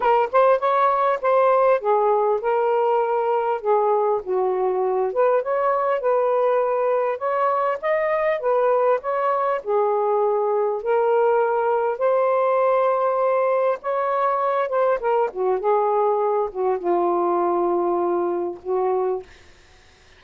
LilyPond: \new Staff \with { instrumentName = "saxophone" } { \time 4/4 \tempo 4 = 100 ais'8 c''8 cis''4 c''4 gis'4 | ais'2 gis'4 fis'4~ | fis'8 b'8 cis''4 b'2 | cis''4 dis''4 b'4 cis''4 |
gis'2 ais'2 | c''2. cis''4~ | cis''8 c''8 ais'8 fis'8 gis'4. fis'8 | f'2. fis'4 | }